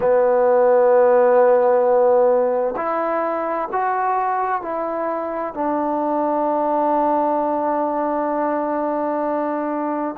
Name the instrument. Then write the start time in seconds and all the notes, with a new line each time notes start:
trombone
0.00 B3
2.76 E4
3.72 F#4
4.61 E4
5.54 D4